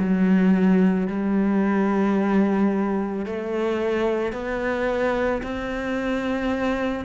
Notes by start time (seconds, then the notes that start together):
0.00 F#3
1.08 G3
3.26 A3
4.33 B3
5.43 C4